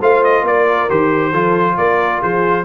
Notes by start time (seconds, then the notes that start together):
0.00 A3 F4 C5 F5
0.24 D#5
0.42 A#3 A#4 D5
0.89 D#3 G4 C5
1.31 F3 F4 A4
1.77 A#3 A#4 D5
2.21 F3 G#4 C5